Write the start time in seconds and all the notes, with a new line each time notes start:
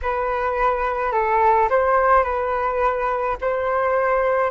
0.02 B4
1.12 A4
1.69 C5
2.23 B4
3.41 C5